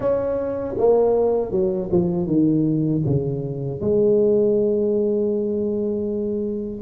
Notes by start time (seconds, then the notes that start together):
0.00 C#4
0.77 A#3
1.51 F#3
1.91 F3
2.26 D#3
3.06 C#3
3.80 G#3